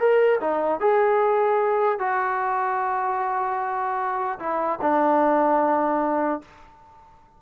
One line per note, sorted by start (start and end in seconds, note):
0.00 0.40 A#4
0.41 0.81 D#4
0.81 1.99 G#4
1.99 4.39 F#4
4.40 4.80 E4
4.82 6.42 D4